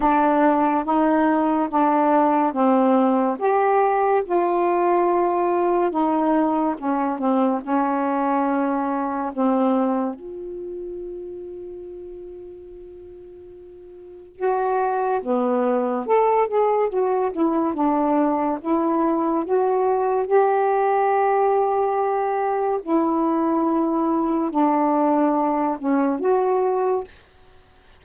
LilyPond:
\new Staff \with { instrumentName = "saxophone" } { \time 4/4 \tempo 4 = 71 d'4 dis'4 d'4 c'4 | g'4 f'2 dis'4 | cis'8 c'8 cis'2 c'4 | f'1~ |
f'4 fis'4 b4 a'8 gis'8 | fis'8 e'8 d'4 e'4 fis'4 | g'2. e'4~ | e'4 d'4. cis'8 fis'4 | }